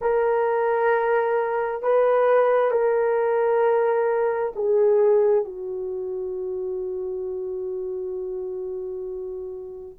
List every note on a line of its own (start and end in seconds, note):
0.01 1.82 A#4
1.82 2.71 B4
2.71 4.52 A#4
4.55 5.44 G#4
5.44 9.98 F#4